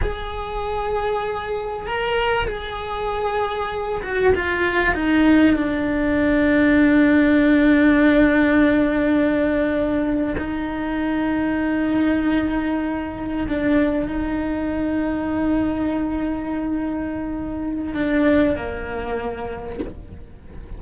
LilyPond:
\new Staff \with { instrumentName = "cello" } { \time 4/4 \tempo 4 = 97 gis'2. ais'4 | gis'2~ gis'8 fis'8 f'4 | dis'4 d'2.~ | d'1~ |
d'8. dis'2.~ dis'16~ | dis'4.~ dis'16 d'4 dis'4~ dis'16~ | dis'1~ | dis'4 d'4 ais2 | }